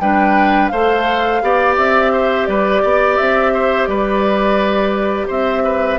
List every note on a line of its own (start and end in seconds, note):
0.00 0.71 G3
0.00 0.73 D4
0.00 0.71 B4
0.00 0.68 G5
0.68 1.42 A3
0.68 1.41 A4
0.68 1.42 C5
0.68 1.74 F5
1.41 1.77 B3
1.41 5.99 G4
1.41 2.12 D5
1.77 2.47 C4
1.77 2.46 E5
2.12 2.48 C5
2.46 2.83 G3
2.46 2.82 B4
2.46 3.16 D5
2.82 3.18 B3
2.82 3.53 D5
3.16 3.87 C4
3.16 3.85 E5
3.53 3.88 C5
3.85 5.28 G3
3.85 5.27 B4
3.85 5.26 D5
5.27 5.99 C4
5.27 5.62 C5
5.27 5.99 E5
5.64 5.99 B4